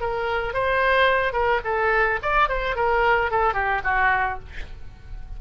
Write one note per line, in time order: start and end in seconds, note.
0.00 0.53 A#4
0.53 1.33 C5
1.33 1.60 A#4
1.64 2.19 A4
2.22 2.48 D5
2.48 2.75 C5
2.75 3.31 A#4
3.31 3.54 A4
3.54 3.81 G4
3.84 4.39 F#4